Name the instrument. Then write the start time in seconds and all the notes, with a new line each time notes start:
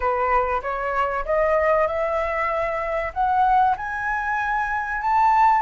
flute
0.00 B4
0.62 C#5
1.25 D#5
1.87 E5
3.13 F#5
3.76 G#5
5.01 A5